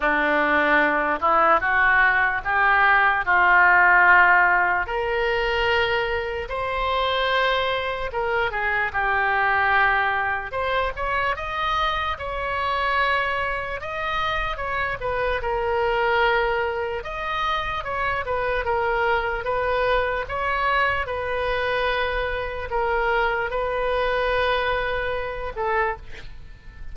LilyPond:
\new Staff \with { instrumentName = "oboe" } { \time 4/4 \tempo 4 = 74 d'4. e'8 fis'4 g'4 | f'2 ais'2 | c''2 ais'8 gis'8 g'4~ | g'4 c''8 cis''8 dis''4 cis''4~ |
cis''4 dis''4 cis''8 b'8 ais'4~ | ais'4 dis''4 cis''8 b'8 ais'4 | b'4 cis''4 b'2 | ais'4 b'2~ b'8 a'8 | }